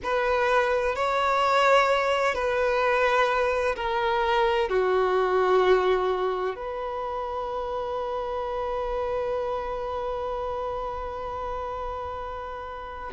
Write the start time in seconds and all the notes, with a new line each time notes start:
0.03 B4
0.95 C#5
2.34 B4
3.76 A#4
4.69 F#4
6.55 B4